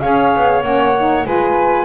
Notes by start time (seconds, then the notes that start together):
0.00 C#4 G#4 C#5 F5
0.35 B3
0.63 A#3 C#4 F#5
0.98 D#4
1.25 G#3 F4 B4 G#5